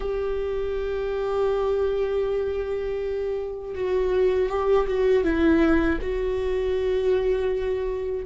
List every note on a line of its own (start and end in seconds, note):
0.00 3.74 G4
3.75 4.49 F#4
4.49 4.86 G4
4.87 5.23 F#4
5.23 5.98 E4
6.01 8.25 F#4